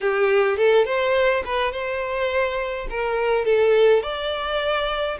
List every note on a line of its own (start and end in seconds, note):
0.01 0.57 G4
0.57 0.85 A4
0.85 1.43 C5
1.45 1.72 B4
1.72 2.87 C5
2.90 3.45 A#4
3.45 4.02 A4
4.02 5.18 D5